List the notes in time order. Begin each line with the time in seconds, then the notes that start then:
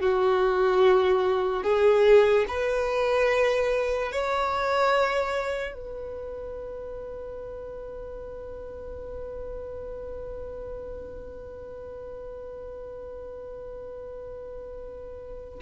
0.00 F#4
1.63 G#4
2.48 B4
4.12 C#5
5.73 B4